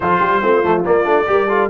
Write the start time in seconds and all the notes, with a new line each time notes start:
0.00 F3 F4 A4 C5
0.19 G3 G4
0.42 A3 C4 F4
0.63 F3 A3
0.85 A#3 D5
1.04 A3 D4
1.27 G3 G4 A#4
1.48 F4 A4